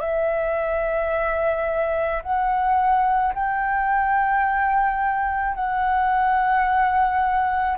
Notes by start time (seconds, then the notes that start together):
0.00 E5
2.23 F#5
3.34 G5
5.55 F#5